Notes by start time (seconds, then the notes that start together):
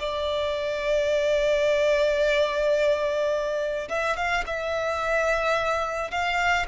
0.00 D5
3.89 E5
4.17 F5
4.47 E5
6.11 F5